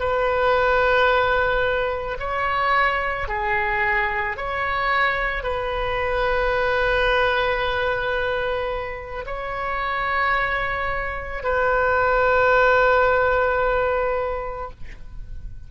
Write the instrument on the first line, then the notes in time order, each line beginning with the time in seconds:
oboe
0.00 B4
2.20 C#5
3.29 G#4
4.37 C#5
5.43 B4
9.26 C#5
11.43 B4